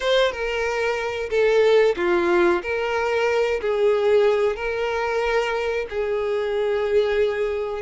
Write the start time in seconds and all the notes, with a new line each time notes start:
0.00 C5
0.31 A#4
1.30 A4
1.96 F4
2.62 A#4
3.61 G#4
4.56 A#4
5.89 G#4